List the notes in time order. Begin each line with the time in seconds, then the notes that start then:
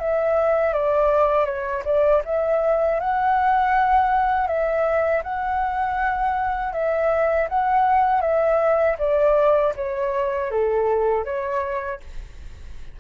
0.00 E5
0.74 D5
1.46 C#5
1.85 D5
2.25 E5
3.00 F#5
4.48 E5
5.24 F#5
6.73 E5
7.49 F#5
8.22 E5
8.99 D5
9.76 C#5
10.51 A4
11.25 C#5